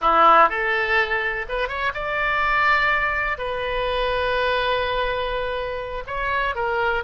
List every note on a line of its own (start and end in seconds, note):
0.01 0.49 E4
0.49 1.45 A4
1.48 1.68 B4
1.68 1.92 C#5
1.94 3.38 D5
3.38 6.04 B4
6.06 6.55 C#5
6.55 7.03 A#4